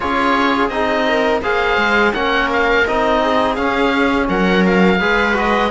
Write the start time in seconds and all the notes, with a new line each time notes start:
0.00 C#4 F4 G#4 C#5
0.68 C4 D#4 D#5
1.08 A#4
1.42 A#3 G#4 C5 F5
1.76 G#3
2.13 A#3 C#4 A#4 F#5
2.52 F5
2.86 C4 D#4 D#5
3.21 G#4
3.55 C#4 F5
4.28 F#3 A#4 F#5
4.65 F5
5.00 G#3 G#4 B4
5.33 F#4 D#5